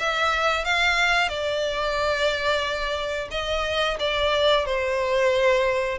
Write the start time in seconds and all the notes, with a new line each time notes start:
0.00 E5
0.65 F5
1.29 D5
3.31 D#5
4.00 D5
4.66 C5